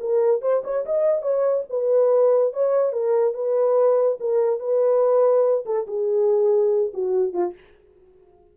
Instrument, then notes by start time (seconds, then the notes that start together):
horn
0.00 A#4
0.42 C5
0.64 C#5
0.85 D#5
1.22 C#5
1.70 B4
2.53 C#5
2.92 A#4
3.34 B4
4.20 A#4
4.59 B4
5.65 A4
5.87 G#4
6.94 F#4
7.33 F4